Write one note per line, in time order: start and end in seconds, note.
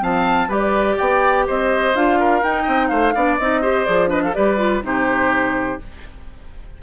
0.00 0.48 F3
0.00 0.48 C4
0.00 0.48 F5
0.00 0.50 A5
0.48 0.96 G3
0.48 1.92 G4
0.48 0.96 B4
0.48 0.98 D5
0.96 1.48 B3
0.96 1.44 D5
0.96 1.46 G5
1.47 1.94 C4
1.47 2.19 C5
1.47 1.96 D#5
1.94 2.42 D4
1.94 2.42 F4
1.94 2.43 F5
2.19 2.62 A#4
2.42 3.14 D#4
2.42 2.67 D#4
2.42 2.88 G5
2.62 2.90 C4
2.62 2.86 D#5
2.88 3.14 A3
2.88 3.13 C5
2.88 3.36 F5
3.14 3.39 B3
3.14 3.38 D4
3.14 3.61 D5
3.37 3.87 C4
3.37 3.62 D#4
3.37 3.85 D#5
3.61 3.86 G4
3.61 4.09 C5
3.85 4.36 F3
3.85 4.07 G#4
3.85 4.08 D5
4.07 4.31 D4
4.07 4.21 B4
4.07 4.22 D#5
4.22 4.35 A4
4.22 4.33 F5
4.33 4.82 G3
4.33 4.57 G4
4.33 4.83 B4
4.33 4.81 D5
4.57 4.81 F4
4.82 5.78 C3
4.82 5.78 D#4
4.82 5.82 G4
4.82 5.81 C5